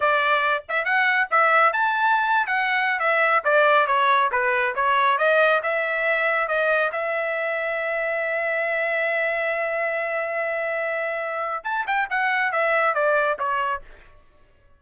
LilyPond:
\new Staff \with { instrumentName = "trumpet" } { \time 4/4 \tempo 4 = 139 d''4. e''8 fis''4 e''4 | a''4.~ a''16 fis''4~ fis''16 e''4 | d''4 cis''4 b'4 cis''4 | dis''4 e''2 dis''4 |
e''1~ | e''1~ | e''2. a''8 g''8 | fis''4 e''4 d''4 cis''4 | }